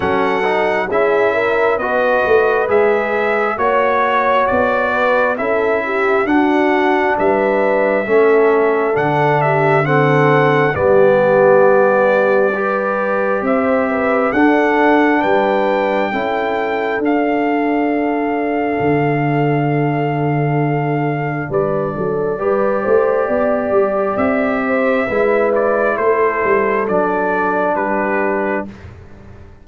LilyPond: <<
  \new Staff \with { instrumentName = "trumpet" } { \time 4/4 \tempo 4 = 67 fis''4 e''4 dis''4 e''4 | cis''4 d''4 e''4 fis''4 | e''2 fis''8 e''8 fis''4 | d''2. e''4 |
fis''4 g''2 f''4~ | f''1 | d''2. e''4~ | e''8 d''8 c''4 d''4 b'4 | }
  \new Staff \with { instrumentName = "horn" } { \time 4/4 a'4 gis'8 ais'8 b'2 | cis''4. b'8 a'8 g'8 fis'4 | b'4 a'4. g'8 a'4 | g'2 b'4 c''8 b'8 |
a'4 b'4 a'2~ | a'1 | b'8 a'8 b'8 c''8 d''4. c''8 | b'4 a'2 g'4 | }
  \new Staff \with { instrumentName = "trombone" } { \time 4/4 cis'8 dis'8 e'4 fis'4 gis'4 | fis'2 e'4 d'4~ | d'4 cis'4 d'4 c'4 | b2 g'2 |
d'2 e'4 d'4~ | d'1~ | d'4 g'2. | e'2 d'2 | }
  \new Staff \with { instrumentName = "tuba" } { \time 4/4 fis4 cis'4 b8 a8 gis4 | ais4 b4 cis'4 d'4 | g4 a4 d2 | g2. c'4 |
d'4 g4 cis'4 d'4~ | d'4 d2. | g8 fis8 g8 a8 b8 g8 c'4 | gis4 a8 g8 fis4 g4 | }
>>